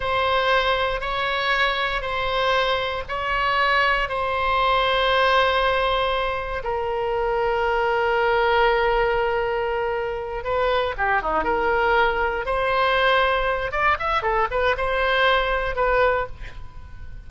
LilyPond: \new Staff \with { instrumentName = "oboe" } { \time 4/4 \tempo 4 = 118 c''2 cis''2 | c''2 cis''2 | c''1~ | c''4 ais'2.~ |
ais'1~ | ais'8 b'4 g'8 dis'8 ais'4.~ | ais'8 c''2~ c''8 d''8 e''8 | a'8 b'8 c''2 b'4 | }